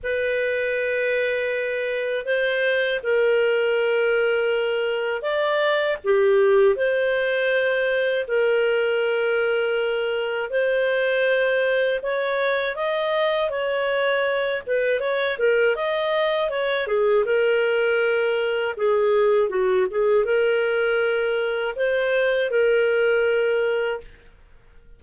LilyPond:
\new Staff \with { instrumentName = "clarinet" } { \time 4/4 \tempo 4 = 80 b'2. c''4 | ais'2. d''4 | g'4 c''2 ais'4~ | ais'2 c''2 |
cis''4 dis''4 cis''4. b'8 | cis''8 ais'8 dis''4 cis''8 gis'8 ais'4~ | ais'4 gis'4 fis'8 gis'8 ais'4~ | ais'4 c''4 ais'2 | }